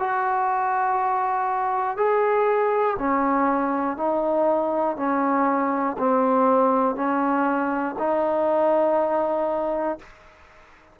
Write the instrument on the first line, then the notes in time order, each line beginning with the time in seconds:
trombone
0.00 F#4
1.98 G#4
2.99 C#4
3.98 D#4
4.97 C#4
5.99 C4
6.95 C#4
7.99 D#4